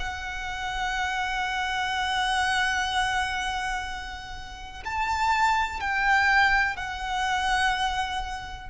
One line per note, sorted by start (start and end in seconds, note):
0.00 4.84 F#5
4.85 5.81 A5
5.81 6.77 G5
6.77 8.70 F#5